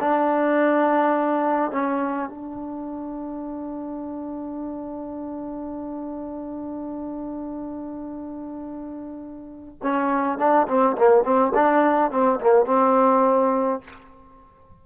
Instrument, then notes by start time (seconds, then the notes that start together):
trombone
0.00 D4
1.71 C#4
2.29 D4
9.82 C#4
10.38 D4
10.68 C4
10.97 A#3
11.24 C4
11.54 D4
12.11 C4
12.40 A#3
12.65 C4